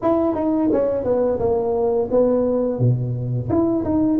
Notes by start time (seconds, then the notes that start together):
0.02 E4
0.35 D#4
0.72 C#4
1.04 B3
1.39 A#3
2.11 B3
2.79 B2
3.49 E4
3.84 D#4